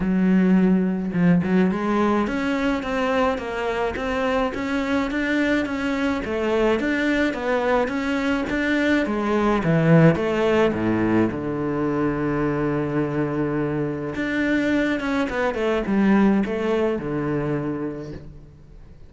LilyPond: \new Staff \with { instrumentName = "cello" } { \time 4/4 \tempo 4 = 106 fis2 f8 fis8 gis4 | cis'4 c'4 ais4 c'4 | cis'4 d'4 cis'4 a4 | d'4 b4 cis'4 d'4 |
gis4 e4 a4 a,4 | d1~ | d4 d'4. cis'8 b8 a8 | g4 a4 d2 | }